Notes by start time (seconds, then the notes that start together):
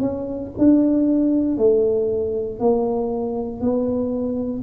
0.00 C#4
0.58 D4
1.58 A3
2.59 A#3
3.61 B3